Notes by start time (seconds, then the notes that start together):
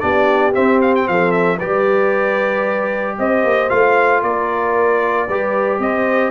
0.00 B3 D4 G4 D5
0.54 C4 E5
0.82 F5
0.96 G5
1.08 F3 A4 F5
1.32 E5
1.58 G3 G4 B4 D5
3.19 C4 C5 D#5
3.44 A#3
3.70 A3 F4 F5
4.23 A#3 A#4 D5
5.28 G3 G4 B4
5.79 C4 C5 D#5